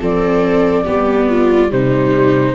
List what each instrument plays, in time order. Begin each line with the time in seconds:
0.00 tuba F3, viola C4 A4, flute D5
0.85 tuba G3, viola B3 G4
1.30 viola F4
1.70 tuba C3, viola G3 D#4, flute C5